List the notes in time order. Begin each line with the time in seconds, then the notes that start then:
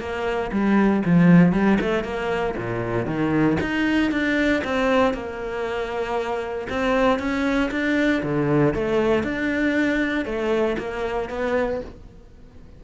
0.00 A#3
0.52 G3
1.05 F3
1.53 G3
1.81 A3
2.04 A#3
2.57 A#2
3.06 D#3
3.61 D#4
4.12 D4
4.64 C4
5.14 A#3
6.69 C4
7.19 C#4
7.71 D4
8.23 D3
8.74 A3
9.24 D4
10.25 A3
10.78 A#3
11.30 B3